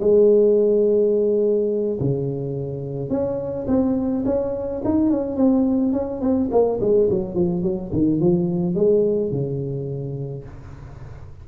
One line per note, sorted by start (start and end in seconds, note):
0.00 1.98 G#3
2.00 3.09 C#3
3.09 3.66 C#4
3.67 4.24 C4
4.25 4.82 C#4
4.84 5.10 D#4
5.10 5.36 C#4
5.36 5.92 C4
5.92 6.21 C#4
6.21 6.49 C4
6.51 6.79 A#3
6.80 7.09 G#3
7.10 7.34 F#3
7.34 7.62 F3
7.62 7.91 F#3
7.92 8.20 D#3
8.20 8.75 F3
8.75 9.31 G#3
9.31 10.44 C#3